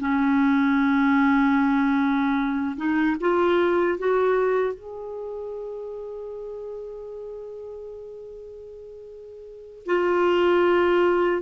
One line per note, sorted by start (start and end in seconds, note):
0.00 2.76 C#4
2.77 3.17 D#4
3.21 3.99 F4
3.99 4.74 F#4
4.74 9.86 G#4
9.86 11.42 F4